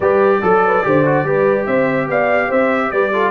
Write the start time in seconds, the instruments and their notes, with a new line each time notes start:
0.00 tuba G3, trombone G4, horn B4, trumpet D5
0.41 tuba F#3, trombone A4, horn A4
0.65 horn B4
0.83 tuba D3, trombone G4, horn C5
1.05 trombone F#4
1.24 tuba G3, trombone G4, horn B4
1.66 tuba C4, horn C5, trumpet E5
2.07 tuba B3, horn D5, trumpet F5
2.48 tuba C4, horn C5, trumpet E5
2.91 tuba G3, horn B4, trumpet D5
3.12 trombone F4, horn A4